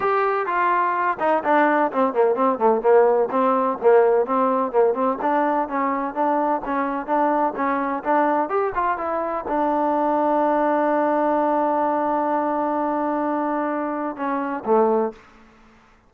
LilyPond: \new Staff \with { instrumentName = "trombone" } { \time 4/4 \tempo 4 = 127 g'4 f'4. dis'8 d'4 | c'8 ais8 c'8 a8 ais4 c'4 | ais4 c'4 ais8 c'8 d'4 | cis'4 d'4 cis'4 d'4 |
cis'4 d'4 g'8 f'8 e'4 | d'1~ | d'1~ | d'2 cis'4 a4 | }